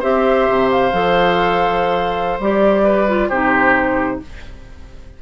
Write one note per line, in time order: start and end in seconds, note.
0.00 0.49 C4
0.00 0.92 G4
0.00 2.82 C5
0.00 0.70 E5
0.49 0.92 C3
0.71 2.40 F5
0.92 2.39 F3
0.92 2.40 A4
2.39 3.30 G3
2.39 3.08 G4
2.39 3.29 D5
2.84 3.29 B4
3.08 3.31 F4
3.29 4.20 C3
3.29 4.22 D#4
3.29 4.19 G4
3.29 4.20 C5